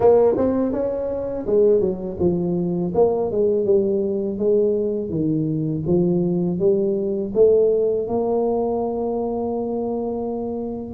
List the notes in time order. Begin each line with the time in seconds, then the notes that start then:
0.00 A#3
0.37 C4
0.72 C#4
1.46 G#3
1.80 F#3
2.20 F3
2.94 A#3
3.31 G#3
3.65 G3
4.38 G#3
5.09 D#3
5.86 F3
6.59 G3
7.34 A3
8.07 A#3